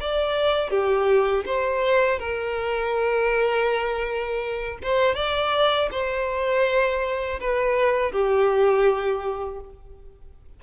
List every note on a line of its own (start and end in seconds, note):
0.00 0.70 D5
0.70 1.44 G4
1.46 2.19 C5
2.19 4.78 A#4
4.82 5.15 C5
5.15 5.89 D5
5.91 7.39 C5
7.40 8.11 B4
8.11 9.60 G4